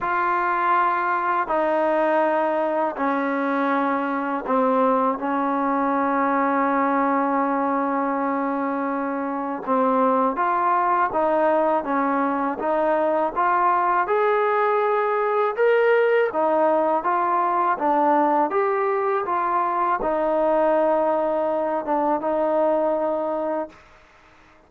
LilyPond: \new Staff \with { instrumentName = "trombone" } { \time 4/4 \tempo 4 = 81 f'2 dis'2 | cis'2 c'4 cis'4~ | cis'1~ | cis'4 c'4 f'4 dis'4 |
cis'4 dis'4 f'4 gis'4~ | gis'4 ais'4 dis'4 f'4 | d'4 g'4 f'4 dis'4~ | dis'4. d'8 dis'2 | }